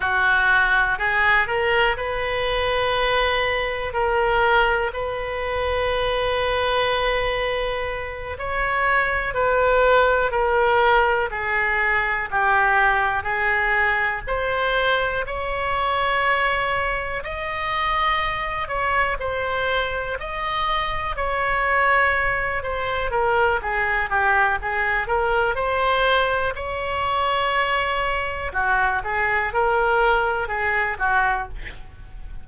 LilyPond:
\new Staff \with { instrumentName = "oboe" } { \time 4/4 \tempo 4 = 61 fis'4 gis'8 ais'8 b'2 | ais'4 b'2.~ | b'8 cis''4 b'4 ais'4 gis'8~ | gis'8 g'4 gis'4 c''4 cis''8~ |
cis''4. dis''4. cis''8 c''8~ | c''8 dis''4 cis''4. c''8 ais'8 | gis'8 g'8 gis'8 ais'8 c''4 cis''4~ | cis''4 fis'8 gis'8 ais'4 gis'8 fis'8 | }